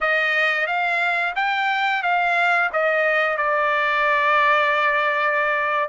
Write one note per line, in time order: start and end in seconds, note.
0.01 0.66 D#5
0.66 1.34 F5
1.35 2.02 G5
2.02 2.70 F5
2.72 3.37 D#5
3.37 5.89 D5